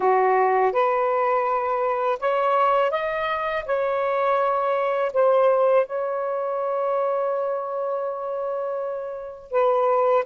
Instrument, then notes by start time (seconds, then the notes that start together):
saxophone
0.00 F#4
0.72 B4
2.19 C#5
2.91 D#5
3.65 C#5
5.13 C5
5.86 C#5
9.51 B4